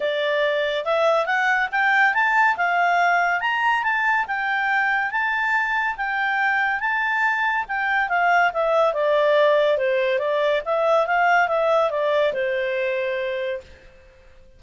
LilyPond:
\new Staff \with { instrumentName = "clarinet" } { \time 4/4 \tempo 4 = 141 d''2 e''4 fis''4 | g''4 a''4 f''2 | ais''4 a''4 g''2 | a''2 g''2 |
a''2 g''4 f''4 | e''4 d''2 c''4 | d''4 e''4 f''4 e''4 | d''4 c''2. | }